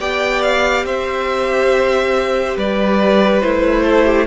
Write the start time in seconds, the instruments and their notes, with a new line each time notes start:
0.00 cello B3, viola G4, violin D5 G5
0.42 violin F5
0.85 cello C4, violin C5 E5
2.57 cello G3, violin B4 D5
3.41 cello A3, viola E4, violin C5
3.84 violin A4
4.05 violin G4